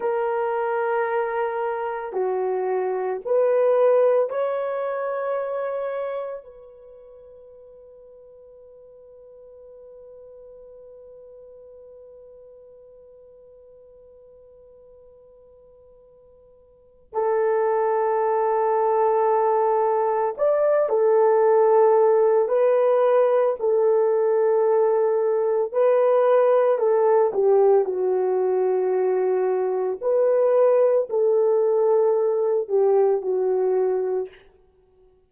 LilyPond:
\new Staff \with { instrumentName = "horn" } { \time 4/4 \tempo 4 = 56 ais'2 fis'4 b'4 | cis''2 b'2~ | b'1~ | b'1 |
a'2. d''8 a'8~ | a'4 b'4 a'2 | b'4 a'8 g'8 fis'2 | b'4 a'4. g'8 fis'4 | }